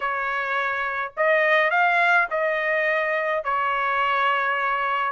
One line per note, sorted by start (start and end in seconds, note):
0.00 1.12 C#5
1.16 1.70 D#5
1.70 2.27 F5
2.30 3.44 D#5
3.44 5.12 C#5